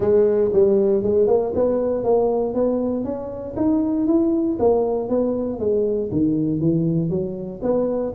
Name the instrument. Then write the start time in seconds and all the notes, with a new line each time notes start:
tuba
0.00 G#3
0.52 G3
1.03 G#3
1.27 A#3
1.54 B3
2.03 A#3
2.54 B3
3.04 C#4
3.56 D#4
4.06 E4
4.59 A#3
5.08 B3
5.59 G#3
6.11 D#3
6.60 E3
7.09 F#3
7.62 B3